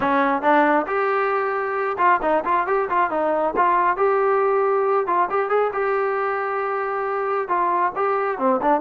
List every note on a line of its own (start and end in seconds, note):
0.00 0.42 C#4
0.42 0.86 D4
0.86 1.97 G4
1.98 2.20 F4
2.21 2.43 D#4
2.44 2.66 F4
2.66 2.88 G4
2.89 3.10 F4
3.10 3.54 D#4
3.56 3.96 F4
3.96 5.06 G4
5.06 5.28 F4
5.30 5.49 G4
5.49 5.71 G#4
5.72 7.48 G4
7.48 7.92 F4
7.95 8.38 G4
8.38 8.60 C4
8.61 8.80 D4